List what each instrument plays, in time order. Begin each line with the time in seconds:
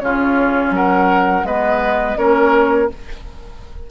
0.00 bassoon C#3, clarinet C#4, oboe F4, flute C#5
0.71 bassoon F#3, oboe A#4, flute F#5
1.44 bassoon G#3, clarinet B3, oboe B4, flute D#5
2.17 bassoon A#3, clarinet C#4, oboe A#4, flute C#5